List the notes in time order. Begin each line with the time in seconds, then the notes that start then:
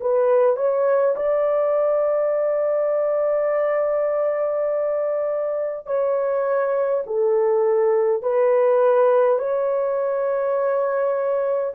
0.00 B4
0.56 C#5
1.16 D5
5.86 C#5
7.06 A4
8.22 B4
9.39 C#5